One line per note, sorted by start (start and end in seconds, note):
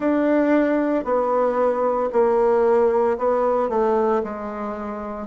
0.00 1.04 D4
1.04 2.09 B3
2.12 3.17 A#3
3.18 3.69 B3
3.69 4.22 A3
4.23 5.27 G#3